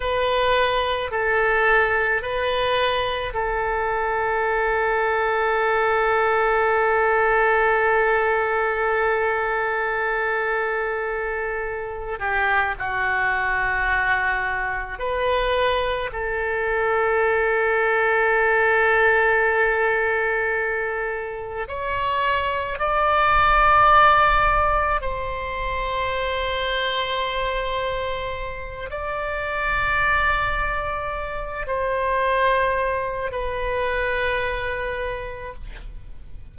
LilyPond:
\new Staff \with { instrumentName = "oboe" } { \time 4/4 \tempo 4 = 54 b'4 a'4 b'4 a'4~ | a'1~ | a'2. g'8 fis'8~ | fis'4. b'4 a'4.~ |
a'2.~ a'8 cis''8~ | cis''8 d''2 c''4.~ | c''2 d''2~ | d''8 c''4. b'2 | }